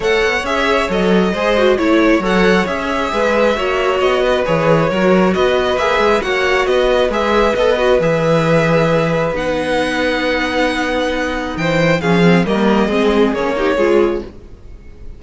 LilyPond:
<<
  \new Staff \with { instrumentName = "violin" } { \time 4/4 \tempo 4 = 135 fis''4 e''4 dis''2 | cis''4 fis''4 e''2~ | e''4 dis''4 cis''2 | dis''4 e''4 fis''4 dis''4 |
e''4 dis''4 e''2~ | e''4 fis''2.~ | fis''2 g''4 f''4 | dis''2 cis''2 | }
  \new Staff \with { instrumentName = "violin" } { \time 4/4 cis''2. c''4 | cis''2. b'4 | cis''4. b'4. ais'4 | b'2 cis''4 b'4~ |
b'1~ | b'1~ | b'2 c''4 gis'4 | ais'4 gis'4. g'8 gis'4 | }
  \new Staff \with { instrumentName = "viola" } { \time 4/4 a'4 gis'4 a'4 gis'8 fis'8 | e'4 a'4 gis'2 | fis'2 gis'4 fis'4~ | fis'4 gis'4 fis'2 |
gis'4 a'8 fis'8 gis'2~ | gis'4 dis'2.~ | dis'2. cis'8 c'8 | ais4 c'4 cis'8 dis'8 f'4 | }
  \new Staff \with { instrumentName = "cello" } { \time 4/4 a8 b8 cis'4 fis4 gis4 | a4 fis4 cis'4 gis4 | ais4 b4 e4 fis4 | b4 ais8 gis8 ais4 b4 |
gis4 b4 e2~ | e4 b2.~ | b2 e4 f4 | g4 gis4 ais4 gis4 | }
>>